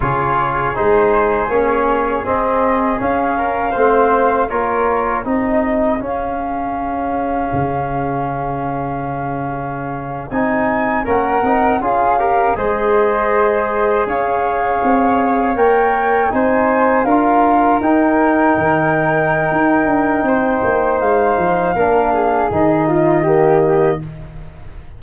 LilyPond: <<
  \new Staff \with { instrumentName = "flute" } { \time 4/4 \tempo 4 = 80 cis''4 c''4 cis''4 dis''4 | f''2 cis''4 dis''4 | f''1~ | f''4.~ f''16 gis''4 fis''4 f''16~ |
f''8. dis''2 f''4~ f''16~ | f''8. g''4 gis''4 f''4 g''16~ | g''1 | f''2 dis''2 | }
  \new Staff \with { instrumentName = "flute" } { \time 4/4 gis'1~ | gis'8 ais'8 c''4 ais'4 gis'4~ | gis'1~ | gis'2~ gis'8. ais'4 gis'16~ |
gis'16 ais'8 c''2 cis''4~ cis''16~ | cis''4.~ cis''16 c''4 ais'4~ ais'16~ | ais'2. c''4~ | c''4 ais'8 gis'4 f'8 g'4 | }
  \new Staff \with { instrumentName = "trombone" } { \time 4/4 f'4 dis'4 cis'4 c'4 | cis'4 c'4 f'4 dis'4 | cis'1~ | cis'4.~ cis'16 dis'4 cis'8 dis'8 f'16~ |
f'16 g'8 gis'2.~ gis'16~ | gis'8. ais'4 dis'4 f'4 dis'16~ | dis'1~ | dis'4 d'4 dis'4 ais4 | }
  \new Staff \with { instrumentName = "tuba" } { \time 4/4 cis4 gis4 ais4 c'4 | cis'4 a4 ais4 c'4 | cis'2 cis2~ | cis4.~ cis16 c'4 ais8 c'8 cis'16~ |
cis'8. gis2 cis'4 c'16~ | c'8. ais4 c'4 d'4 dis'16~ | dis'8. dis4~ dis16 dis'8 d'8 c'8 ais8 | gis8 f8 ais4 dis2 | }
>>